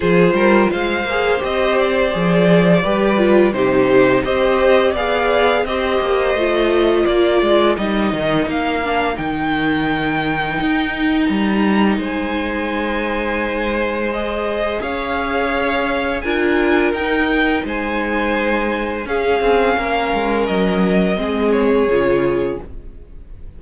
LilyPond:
<<
  \new Staff \with { instrumentName = "violin" } { \time 4/4 \tempo 4 = 85 c''4 f''4 dis''8 d''4.~ | d''4 c''4 dis''4 f''4 | dis''2 d''4 dis''4 | f''4 g''2. |
ais''4 gis''2. | dis''4 f''2 gis''4 | g''4 gis''2 f''4~ | f''4 dis''4. cis''4. | }
  \new Staff \with { instrumentName = "violin" } { \time 4/4 gis'8 ais'8 c''2. | b'4 g'4 c''4 d''4 | c''2 ais'2~ | ais'1~ |
ais'4 c''2.~ | c''4 cis''2 ais'4~ | ais'4 c''2 gis'4 | ais'2 gis'2 | }
  \new Staff \with { instrumentName = "viola" } { \time 4/4 f'4. gis'8 g'4 gis'4 | g'8 f'8 dis'4 g'4 gis'4 | g'4 f'2 dis'4~ | dis'8 d'8 dis'2.~ |
dis'1 | gis'2. f'4 | dis'2. cis'4~ | cis'2 c'4 f'4 | }
  \new Staff \with { instrumentName = "cello" } { \time 4/4 f8 g8 gis8 ais8 c'4 f4 | g4 c4 c'4 b4 | c'8 ais8 a4 ais8 gis8 g8 dis8 | ais4 dis2 dis'4 |
g4 gis2.~ | gis4 cis'2 d'4 | dis'4 gis2 cis'8 c'8 | ais8 gis8 fis4 gis4 cis4 | }
>>